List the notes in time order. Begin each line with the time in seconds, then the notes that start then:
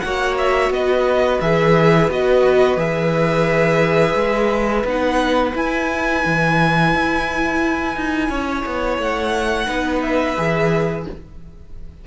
0.00 A#3 F#4 C#5 F#5
0.38 E5
0.70 B3 B4 D#5
1.41 E3 G#4 E5
2.10 B3 F#4 D#5
2.77 E3 G#4 E5
4.15 G#3
4.85 B3 D#4 F#5
5.53 E4 G#5
6.26 E3
6.95 E4
7.97 D#4
8.29 C#4 C#5
8.66 B3
8.99 A3 F#5
9.67 B3 D#4 B4
10.02 E5
10.37 E3 G#4